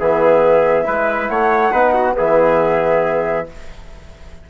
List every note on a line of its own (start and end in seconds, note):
0.00 0.88 E3
0.00 0.85 B3
0.00 0.87 G#4
0.00 1.28 E5
0.85 1.30 G#3
0.85 1.71 E4
0.85 1.31 B4
1.28 1.73 A3
1.28 1.72 C#5
1.28 2.15 F#5
1.72 2.16 B3
1.72 2.14 D#4
1.72 1.94 B4
1.94 2.16 F#4
2.14 3.50 E3
2.14 3.45 B3
2.14 3.48 G#4
2.14 3.49 E5